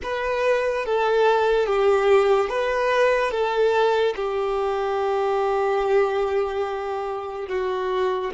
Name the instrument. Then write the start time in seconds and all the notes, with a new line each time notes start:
violin
0.02 B4
0.85 A4
1.66 G4
2.49 B4
3.31 A4
4.16 G4
7.48 F#4